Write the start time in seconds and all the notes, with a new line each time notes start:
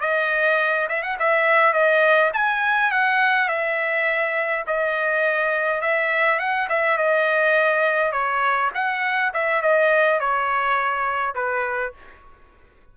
0.00 D#5
0.88 E5
1.02 F#5
1.19 E5
1.73 D#5
2.33 G#5
2.91 F#5
3.48 E5
4.67 D#5
5.81 E5
6.39 F#5
6.69 E5
6.97 D#5
8.12 C#5
8.74 F#5
9.33 E5
9.62 D#5
10.19 C#5
11.34 B4